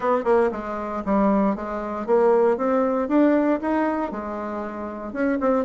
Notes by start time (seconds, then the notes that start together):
0.00 C4
0.24 A#3
0.51 G#3
1.05 G3
1.55 G#3
2.06 A#3
2.57 C4
3.08 D4
3.61 D#4
4.11 G#3
5.12 C#4
5.40 C4